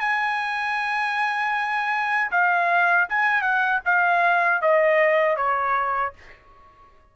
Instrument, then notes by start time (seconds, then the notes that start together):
trumpet
0.00 G#5
2.31 F5
3.09 G#5
3.42 F#5
3.85 F5
4.61 D#5
5.36 C#5